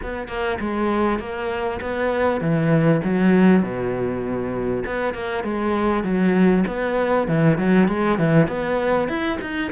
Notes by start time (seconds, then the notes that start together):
0.02 B3
0.28 A#3
0.60 G#3
1.19 A#3
1.80 B3
2.40 E3
3.03 F#3
3.62 B2
4.85 B3
5.13 A#3
5.43 G#3
6.03 F#3
6.67 B3
7.27 E3
7.58 F#3
7.88 G#3
8.18 E3
8.47 B3
9.08 E4
9.41 D#4